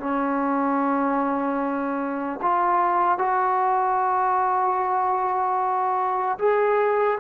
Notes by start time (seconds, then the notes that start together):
0.00 C#4
2.42 F4
3.18 F#4
6.39 G#4